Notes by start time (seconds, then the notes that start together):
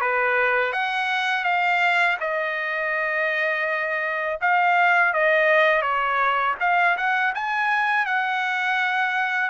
0.00 B4
0.72 F#5
1.44 F5
2.20 D#5
4.41 F5
5.13 D#5
5.81 C#5
6.60 F5
6.96 F#5
7.34 G#5
8.06 F#5